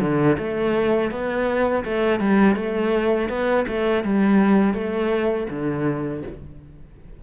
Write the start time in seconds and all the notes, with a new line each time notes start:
0.00 D3
0.38 A3
1.11 B3
1.84 A3
2.20 G3
2.56 A3
3.29 B3
3.68 A3
4.03 G3
4.74 A3
5.49 D3